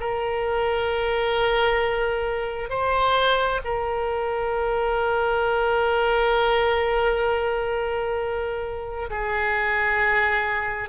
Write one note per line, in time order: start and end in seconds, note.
0.00 2.70 A#4
2.70 3.61 C5
3.64 9.10 A#4
9.10 10.89 G#4